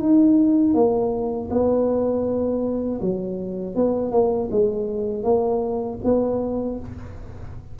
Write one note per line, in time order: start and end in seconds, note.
0.00 0.74 D#4
0.74 1.49 A#3
1.50 3.00 B3
3.01 3.75 F#3
3.75 4.11 B3
4.11 4.48 A#3
4.51 5.23 G#3
5.23 5.98 A#3
6.04 6.79 B3